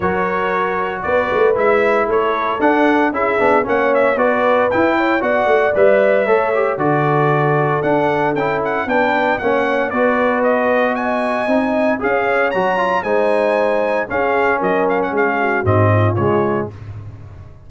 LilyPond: <<
  \new Staff \with { instrumentName = "trumpet" } { \time 4/4 \tempo 4 = 115 cis''2 d''4 e''4 | cis''4 fis''4 e''4 fis''8 e''8 | d''4 g''4 fis''4 e''4~ | e''4 d''2 fis''4 |
g''8 fis''8 g''4 fis''4 d''4 | dis''4 gis''2 f''4 | ais''4 gis''2 f''4 | dis''8 f''16 fis''16 f''4 dis''4 cis''4 | }
  \new Staff \with { instrumentName = "horn" } { \time 4/4 ais'2 b'2 | a'2 gis'4 cis''4 | b'4. cis''8 d''2 | cis''4 a'2.~ |
a'4 b'4 cis''4 b'4~ | b'4 dis''2 cis''4~ | cis''4 c''2 gis'4 | ais'4 gis'8 fis'4 f'4. | }
  \new Staff \with { instrumentName = "trombone" } { \time 4/4 fis'2. e'4~ | e'4 d'4 e'8 d'8 cis'4 | fis'4 e'4 fis'4 b'4 | a'8 g'8 fis'2 d'4 |
e'4 d'4 cis'4 fis'4~ | fis'2 dis'4 gis'4 | fis'8 f'8 dis'2 cis'4~ | cis'2 c'4 gis4 | }
  \new Staff \with { instrumentName = "tuba" } { \time 4/4 fis2 b8 a8 gis4 | a4 d'4 cis'8 b8 ais4 | b4 e'4 b8 a8 g4 | a4 d2 d'4 |
cis'4 b4 ais4 b4~ | b2 c'4 cis'4 | fis4 gis2 cis'4 | fis4 gis4 gis,4 cis4 | }
>>